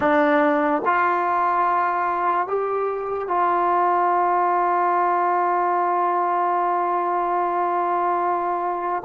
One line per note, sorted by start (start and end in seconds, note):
0.00 0.82 D4
0.85 2.47 F4
2.47 3.28 G4
3.28 9.03 F4